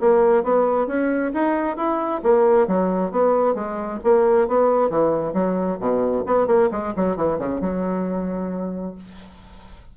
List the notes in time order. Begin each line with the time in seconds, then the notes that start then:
0.00 A#3
0.43 B3
0.87 C#4
1.34 D#4
1.77 E4
2.23 A#3
2.67 F#3
3.11 B3
3.54 G#3
4.04 A#3
4.48 B3
4.90 E3
5.33 F#3
5.80 B2
6.26 B3
6.47 A#3
6.71 G#3
6.96 F#3
7.17 E3
7.39 C#3
7.61 F#3